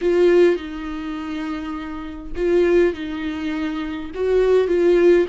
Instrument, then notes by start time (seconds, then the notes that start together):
viola
0.01 F4
0.56 D#4
2.36 F4
2.93 D#4
4.14 F#4
4.67 F4